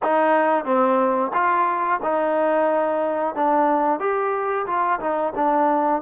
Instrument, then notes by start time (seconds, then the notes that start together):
trombone
0.02 D#4
0.65 C4
1.33 F4
2.02 D#4
3.35 D4
3.99 G4
4.66 F4
5.00 D#4
5.35 D4